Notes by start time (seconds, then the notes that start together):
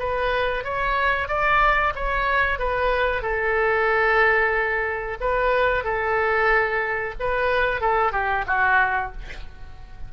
0.00 B4
0.64 C#5
1.29 D5
1.96 C#5
2.59 B4
3.22 A4
5.21 B4
5.84 A4
7.20 B4
7.81 A4
8.13 G4
8.47 F#4